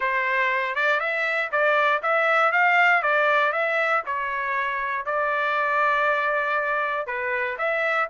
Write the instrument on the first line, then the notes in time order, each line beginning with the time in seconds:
trumpet
0.00 C5
0.75 D5
1.00 E5
1.51 D5
2.02 E5
2.52 F5
3.02 D5
3.52 E5
4.05 C#5
5.05 D5
7.06 B4
7.57 E5